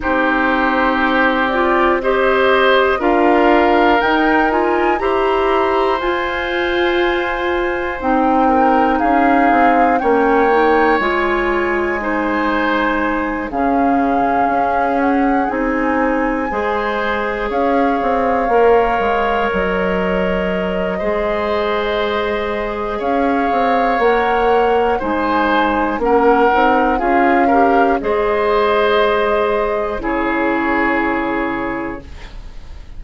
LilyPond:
<<
  \new Staff \with { instrumentName = "flute" } { \time 4/4 \tempo 4 = 60 c''4. d''8 dis''4 f''4 | g''8 gis''8 ais''4 gis''2 | g''4 f''4 g''4 gis''4~ | gis''4. f''4. fis''8 gis''8~ |
gis''4. f''2 dis''8~ | dis''2. f''4 | fis''4 gis''4 fis''4 f''4 | dis''2 cis''2 | }
  \new Staff \with { instrumentName = "oboe" } { \time 4/4 g'2 c''4 ais'4~ | ais'4 c''2.~ | c''8 ais'8 gis'4 cis''2 | c''4. gis'2~ gis'8~ |
gis'8 c''4 cis''2~ cis''8~ | cis''4 c''2 cis''4~ | cis''4 c''4 ais'4 gis'8 ais'8 | c''2 gis'2 | }
  \new Staff \with { instrumentName = "clarinet" } { \time 4/4 dis'4. f'8 g'4 f'4 | dis'8 f'8 g'4 f'2 | dis'2 cis'8 dis'8 f'4 | dis'4. cis'2 dis'8~ |
dis'8 gis'2 ais'4.~ | ais'4 gis'2. | ais'4 dis'4 cis'8 dis'8 f'8 g'8 | gis'2 e'2 | }
  \new Staff \with { instrumentName = "bassoon" } { \time 4/4 c'2. d'4 | dis'4 e'4 f'2 | c'4 cis'8 c'8 ais4 gis4~ | gis4. cis4 cis'4 c'8~ |
c'8 gis4 cis'8 c'8 ais8 gis8 fis8~ | fis4 gis2 cis'8 c'8 | ais4 gis4 ais8 c'8 cis'4 | gis2 cis2 | }
>>